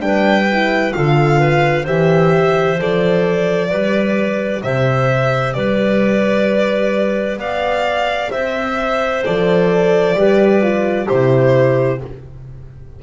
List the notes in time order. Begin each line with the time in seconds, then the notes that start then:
0.00 G3 D4 B4 G5
0.52 E4
0.93 D3 F4 A4 F5
1.39 B4
1.83 E3 G4 C5 E5
2.78 F3 A4 D5
3.69 G3 G4 B4
4.62 C3 C5 E5
5.53 G3 B4 D5
7.37 B3 D5 F5
8.31 C4 C5 E5
9.25 F3 A4 D5
10.14 G3 G4 B4
10.62 F4
11.06 C3 E4 G4 C5